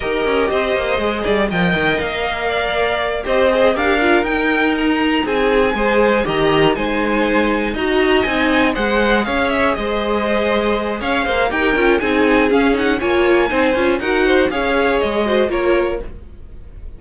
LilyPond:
<<
  \new Staff \with { instrumentName = "violin" } { \time 4/4 \tempo 4 = 120 dis''2. g''4 | f''2~ f''8 dis''4 f''8~ | f''8 g''4 ais''4 gis''4.~ | gis''8 ais''4 gis''2 ais''8~ |
ais''8 gis''4 fis''4 f''8 e''8 dis''8~ | dis''2 f''4 g''4 | gis''4 f''8 fis''8 gis''2 | fis''4 f''4 dis''4 cis''4 | }
  \new Staff \with { instrumentName = "violin" } { \time 4/4 ais'4 c''4. d''8 dis''4~ | dis''4 d''4. c''4 ais'8~ | ais'2~ ais'8 gis'4 c''8~ | c''8 dis''4 c''2 dis''8~ |
dis''4. c''4 cis''4 c''8~ | c''2 cis''8 c''8 ais'4 | gis'2 cis''4 c''4 | ais'8 c''8 cis''4. c''8 ais'4 | }
  \new Staff \with { instrumentName = "viola" } { \time 4/4 g'2 gis'4 ais'4~ | ais'2~ ais'8 g'8 gis'8 g'8 | f'8 dis'2. gis'8~ | gis'8 g'4 dis'2 fis'8~ |
fis'8 dis'4 gis'2~ gis'8~ | gis'2. g'8 f'8 | dis'4 cis'8 dis'8 f'4 dis'8 f'8 | fis'4 gis'4. fis'8 f'4 | }
  \new Staff \with { instrumentName = "cello" } { \time 4/4 dis'8 cis'8 c'8 ais8 gis8 g8 f8 dis8 | ais2~ ais8 c'4 d'8~ | d'8 dis'2 c'4 gis8~ | gis8 dis4 gis2 dis'8~ |
dis'8 c'4 gis4 cis'4 gis8~ | gis2 cis'8 ais8 dis'8 cis'8 | c'4 cis'4 ais4 c'8 cis'8 | dis'4 cis'4 gis4 ais4 | }
>>